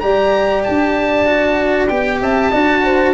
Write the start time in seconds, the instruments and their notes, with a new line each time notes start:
0.00 tuba G3, cello G4, horn D5, oboe A#5
0.64 tuba D4, oboe A5
1.26 cello F#4
1.88 tuba B3, cello G4, oboe G5
2.21 tuba C4, horn E5, oboe A5
2.52 tuba D4, cello F#4, horn D5
2.84 horn C5